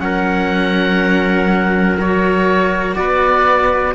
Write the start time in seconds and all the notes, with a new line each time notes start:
0.00 F#3 C#4 A#4 F#5
1.99 F#4 C#5
2.95 B3 B4 D5